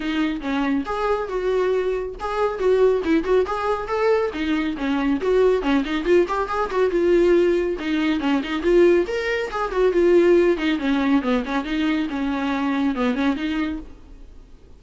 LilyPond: \new Staff \with { instrumentName = "viola" } { \time 4/4 \tempo 4 = 139 dis'4 cis'4 gis'4 fis'4~ | fis'4 gis'4 fis'4 e'8 fis'8 | gis'4 a'4 dis'4 cis'4 | fis'4 cis'8 dis'8 f'8 g'8 gis'8 fis'8 |
f'2 dis'4 cis'8 dis'8 | f'4 ais'4 gis'8 fis'8 f'4~ | f'8 dis'8 cis'4 b8 cis'8 dis'4 | cis'2 b8 cis'8 dis'4 | }